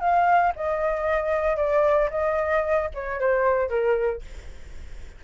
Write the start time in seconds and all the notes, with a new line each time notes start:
0.00 F5
0.56 D#5
1.56 D5
2.10 D#5
2.94 C#5
3.20 C5
3.69 A#4